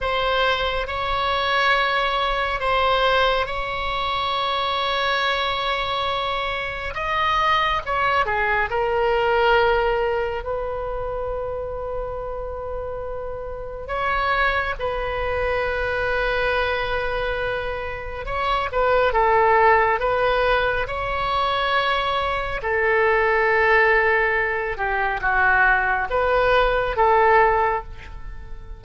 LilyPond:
\new Staff \with { instrumentName = "oboe" } { \time 4/4 \tempo 4 = 69 c''4 cis''2 c''4 | cis''1 | dis''4 cis''8 gis'8 ais'2 | b'1 |
cis''4 b'2.~ | b'4 cis''8 b'8 a'4 b'4 | cis''2 a'2~ | a'8 g'8 fis'4 b'4 a'4 | }